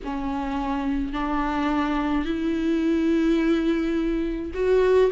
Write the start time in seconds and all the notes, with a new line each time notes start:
0.04 C#4
1.12 D4
2.25 E4
4.54 F#4